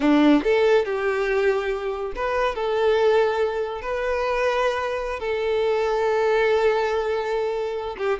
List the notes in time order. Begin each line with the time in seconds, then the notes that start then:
0.00 D4
0.43 A4
0.85 G4
2.15 B4
2.55 A4
3.81 B4
5.19 A4
7.97 G4